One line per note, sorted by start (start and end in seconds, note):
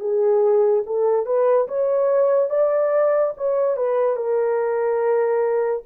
0.00 0.83 G#4
0.86 1.26 A4
1.26 1.67 B4
1.68 2.50 C#5
2.50 3.33 D5
3.37 3.77 C#5
3.77 4.16 B4
4.16 5.83 A#4